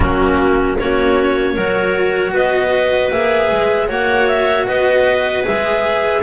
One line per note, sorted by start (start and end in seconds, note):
0.00 0.76 F#3
0.00 0.78 A#3
0.00 0.78 C#4
0.00 0.77 F#4
0.78 1.56 A#3
0.78 1.57 C#4
0.78 1.53 F#4
0.78 2.33 C#5
1.53 2.32 F#3
1.53 3.12 F#4
1.53 2.31 A#4
2.32 3.10 B3
2.32 3.88 B4
2.32 3.11 D#5
3.11 3.50 A#3
3.11 3.88 G#4
3.11 3.89 E5
3.50 3.89 G#3
3.88 4.67 A#3
3.88 5.43 F#4
3.88 4.66 C#5
3.88 4.27 F#5
4.27 4.66 E5
4.66 5.46 B3
4.66 6.22 B4
4.66 5.45 D#5
5.43 6.22 G#3
5.43 6.21 G#4
5.43 6.22 E5